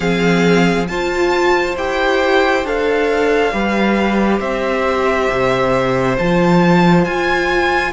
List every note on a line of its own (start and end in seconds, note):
0.00 0.88 F3
0.00 0.87 C4
0.00 0.87 G#4
0.00 0.87 F5
0.87 1.76 F4
0.87 3.53 C5
0.87 1.75 A5
1.76 2.64 E4
1.76 2.65 G4
1.76 2.65 G5
2.64 3.52 D4
2.64 3.51 A4
2.64 4.40 F5
3.51 4.40 G3
3.51 6.16 G4
3.51 4.38 B4
4.38 5.28 C4
4.38 7.91 C5
4.38 6.16 E5
5.30 6.18 C3
6.18 7.05 F3
6.18 7.92 F4
6.18 7.04 A5
7.04 7.92 F4
7.04 7.92 G#5